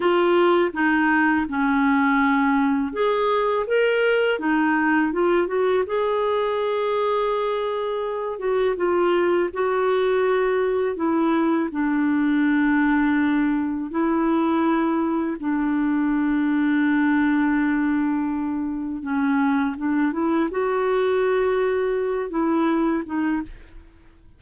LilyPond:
\new Staff \with { instrumentName = "clarinet" } { \time 4/4 \tempo 4 = 82 f'4 dis'4 cis'2 | gis'4 ais'4 dis'4 f'8 fis'8 | gis'2.~ gis'8 fis'8 | f'4 fis'2 e'4 |
d'2. e'4~ | e'4 d'2.~ | d'2 cis'4 d'8 e'8 | fis'2~ fis'8 e'4 dis'8 | }